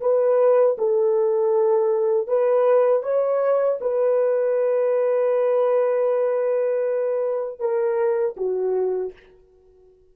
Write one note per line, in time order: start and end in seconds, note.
0.00 0.76 B4
0.77 2.27 A4
2.27 3.02 B4
3.02 3.78 C#5
3.80 7.59 B4
7.59 8.35 A#4
8.36 9.12 F#4